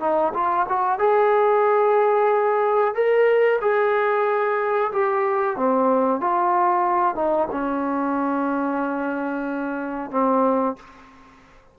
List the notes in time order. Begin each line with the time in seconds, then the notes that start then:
0.00 D#4
0.33 F4
0.68 F#4
0.99 G#4
2.94 A#4
3.61 G#4
4.92 G4
5.56 C4
6.20 F4
7.15 D#4
7.51 C#4
10.11 C4